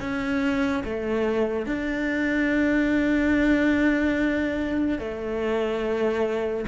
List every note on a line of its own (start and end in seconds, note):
0.00 0.83 C#4
0.84 1.66 A3
1.66 4.98 D4
4.98 6.65 A3